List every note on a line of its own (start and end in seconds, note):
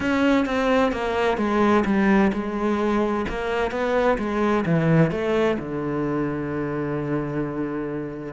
0.00 0.45 C#4
0.45 0.92 C4
0.92 1.37 A#3
1.37 1.84 G#3
1.85 2.31 G3
2.32 3.25 G#3
3.29 3.71 A#3
3.71 4.17 B3
4.18 4.64 G#3
4.65 5.11 E3
5.11 5.57 A3
5.58 8.33 D3